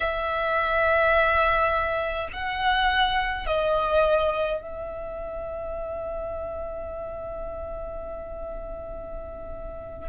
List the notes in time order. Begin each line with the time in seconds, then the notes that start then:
0.00 E5
2.32 F#5
3.46 D#5
4.61 E5